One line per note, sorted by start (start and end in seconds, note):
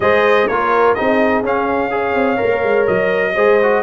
0.00 0.47 G#3
0.00 0.49 G#4
0.00 0.47 C5
0.00 0.47 D#5
0.47 0.96 A#3
0.47 0.96 F4
0.47 0.95 A#4
0.47 0.94 C#5
0.94 1.43 C4
0.94 1.43 D#4
0.94 1.91 G#4
0.94 1.42 D#5
1.43 2.15 C#4
1.43 1.90 C#4
1.43 2.86 F5
1.90 2.36 G#4
1.90 3.34 C#5
2.15 2.39 C4
2.36 3.32 A#4
2.43 2.63 A#3
2.63 2.87 G#3
2.86 3.36 F#3
2.86 3.82 D#5
3.34 3.83 G#3
3.34 3.60 G#4
3.34 3.82 C5
3.62 3.83 F#4